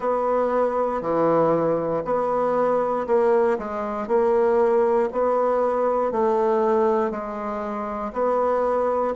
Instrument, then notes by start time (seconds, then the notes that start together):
bassoon
0.00 B3
1.01 E3
2.04 B3
3.06 A#3
3.58 G#3
4.07 A#3
5.12 B3
6.11 A3
7.10 G#3
8.12 B3